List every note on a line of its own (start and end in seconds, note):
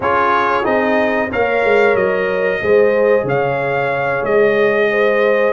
0.00 0.63 C#4
0.00 0.63 F4
0.00 1.29 G#4
0.00 0.65 C#5
0.63 1.31 C4
0.63 1.28 D#4
0.63 1.30 D#5
1.30 1.64 A#3
1.30 2.61 A#4
1.30 2.61 C#5
1.30 1.96 F5
1.64 1.94 G#3
1.94 2.60 F#3
1.94 3.26 D#5
2.61 3.23 G#3
2.61 5.53 G#4
2.61 3.25 C5
3.23 4.21 C#3
3.23 4.88 C#5
3.23 4.25 F5
4.23 5.53 G#3
4.23 5.53 D#5
4.90 5.53 C5